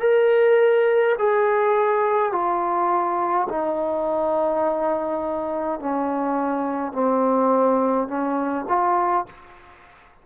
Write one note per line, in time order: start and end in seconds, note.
0.00 1.15 A#4
1.19 2.32 G#4
2.32 3.48 F4
3.49 5.80 D#4
5.80 6.92 C#4
6.92 8.08 C4
8.08 8.65 C#4
8.68 9.26 F4